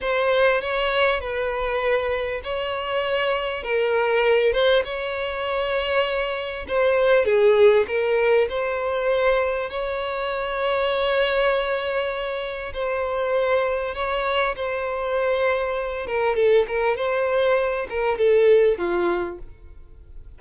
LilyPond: \new Staff \with { instrumentName = "violin" } { \time 4/4 \tempo 4 = 99 c''4 cis''4 b'2 | cis''2 ais'4. c''8 | cis''2. c''4 | gis'4 ais'4 c''2 |
cis''1~ | cis''4 c''2 cis''4 | c''2~ c''8 ais'8 a'8 ais'8 | c''4. ais'8 a'4 f'4 | }